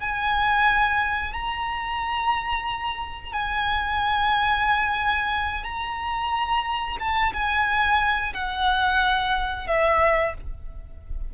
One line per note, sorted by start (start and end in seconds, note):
0.00 1.33 G#5
1.33 3.32 A#5
3.32 5.64 G#5
5.64 6.97 A#5
6.99 7.33 A5
7.33 8.33 G#5
8.34 9.67 F#5
9.67 10.34 E5